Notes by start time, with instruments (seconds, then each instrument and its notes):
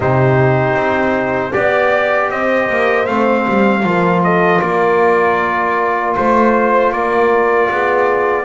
0.00 double bass C3, trombone D#4, horn G4, trumpet C5
0.75 double bass C4
1.52 double bass B3, trombone G4, trumpet D5, horn D5
2.30 double bass C4, horn C5, trumpet D#5
2.69 double bass A#3
3.06 double bass A3, trombone C4, trumpet F5
3.47 double bass G3
3.83 double bass F3, trombone F4, horn A#4
4.23 horn A4, trumpet D#5
4.60 double bass A#3, horn A#4, trumpet D5
6.15 double bass A3, trumpet C5, horn C5
6.92 double bass A#3, horn A#4, trumpet D5
7.70 double bass B3, horn G#4